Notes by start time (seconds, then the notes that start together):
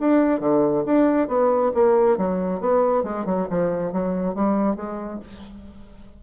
0.00 D4
0.40 D3
0.86 D4
1.28 B3
1.74 A#3
2.18 F#3
2.60 B3
3.04 G#3
3.25 F#3
3.50 F3
3.93 F#3
4.35 G3
4.76 G#3